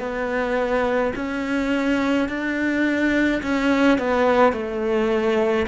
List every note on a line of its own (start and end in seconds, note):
0.00 1.13 B3
1.15 2.28 C#4
2.29 3.42 D4
3.43 3.98 C#4
3.98 4.53 B3
4.53 5.66 A3